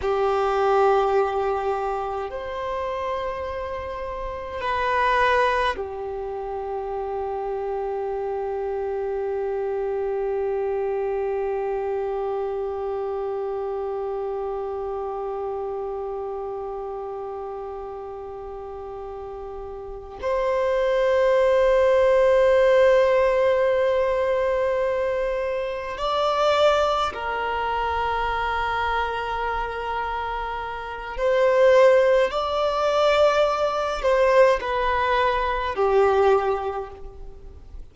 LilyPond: \new Staff \with { instrumentName = "violin" } { \time 4/4 \tempo 4 = 52 g'2 c''2 | b'4 g'2.~ | g'1~ | g'1~ |
g'4. c''2~ c''8~ | c''2~ c''8 d''4 ais'8~ | ais'2. c''4 | d''4. c''8 b'4 g'4 | }